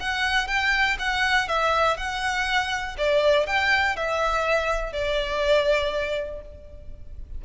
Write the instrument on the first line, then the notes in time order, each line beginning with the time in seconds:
violin
0.00 F#5
0.48 G5
0.99 F#5
1.48 E5
1.97 F#5
2.98 D5
3.47 G5
3.96 E5
4.93 D5